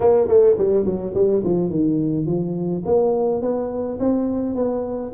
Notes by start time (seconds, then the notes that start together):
0.00 A#3
0.27 A3
0.58 G3
0.85 F#3
1.14 G3
1.43 F3
1.70 D#3
2.26 F3
2.85 A#3
3.41 B3
3.99 C4
4.55 B3